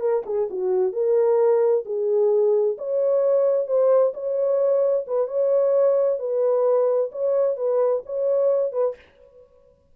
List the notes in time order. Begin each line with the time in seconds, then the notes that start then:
0.00 A#4
0.25 G#4
0.50 F#4
0.92 A#4
1.85 G#4
2.78 C#5
3.67 C5
4.13 C#5
5.07 B4
5.27 C#5
6.19 B4
7.12 C#5
7.56 B4
8.05 C#5
8.72 B4